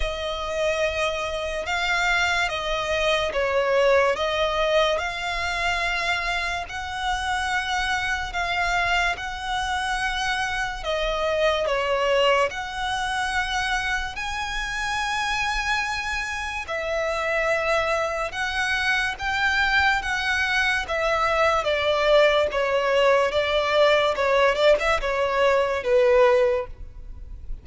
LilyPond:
\new Staff \with { instrumentName = "violin" } { \time 4/4 \tempo 4 = 72 dis''2 f''4 dis''4 | cis''4 dis''4 f''2 | fis''2 f''4 fis''4~ | fis''4 dis''4 cis''4 fis''4~ |
fis''4 gis''2. | e''2 fis''4 g''4 | fis''4 e''4 d''4 cis''4 | d''4 cis''8 d''16 e''16 cis''4 b'4 | }